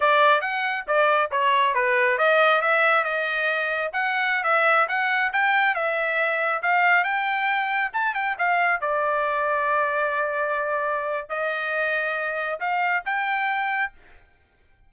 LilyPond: \new Staff \with { instrumentName = "trumpet" } { \time 4/4 \tempo 4 = 138 d''4 fis''4 d''4 cis''4 | b'4 dis''4 e''4 dis''4~ | dis''4 fis''4~ fis''16 e''4 fis''8.~ | fis''16 g''4 e''2 f''8.~ |
f''16 g''2 a''8 g''8 f''8.~ | f''16 d''2.~ d''8.~ | d''2 dis''2~ | dis''4 f''4 g''2 | }